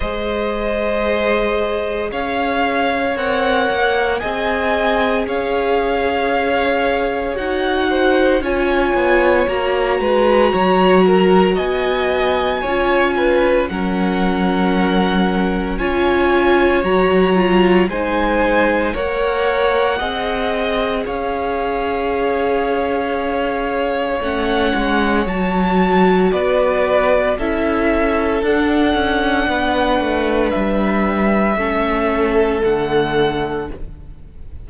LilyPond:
<<
  \new Staff \with { instrumentName = "violin" } { \time 4/4 \tempo 4 = 57 dis''2 f''4 fis''4 | gis''4 f''2 fis''4 | gis''4 ais''2 gis''4~ | gis''4 fis''2 gis''4 |
ais''4 gis''4 fis''2 | f''2. fis''4 | a''4 d''4 e''4 fis''4~ | fis''4 e''2 fis''4 | }
  \new Staff \with { instrumentName = "violin" } { \time 4/4 c''2 cis''2 | dis''4 cis''2~ cis''8 c''8 | cis''4. b'8 cis''8 ais'8 dis''4 | cis''8 b'8 ais'2 cis''4~ |
cis''4 c''4 cis''4 dis''4 | cis''1~ | cis''4 b'4 a'2 | b'2 a'2 | }
  \new Staff \with { instrumentName = "viola" } { \time 4/4 gis'2. ais'4 | gis'2. fis'4 | f'4 fis'2. | f'4 cis'2 f'4 |
fis'8 f'8 dis'4 ais'4 gis'4~ | gis'2. cis'4 | fis'2 e'4 d'4~ | d'2 cis'4 a4 | }
  \new Staff \with { instrumentName = "cello" } { \time 4/4 gis2 cis'4 c'8 ais8 | c'4 cis'2 dis'4 | cis'8 b8 ais8 gis8 fis4 b4 | cis'4 fis2 cis'4 |
fis4 gis4 ais4 c'4 | cis'2. a8 gis8 | fis4 b4 cis'4 d'8 cis'8 | b8 a8 g4 a4 d4 | }
>>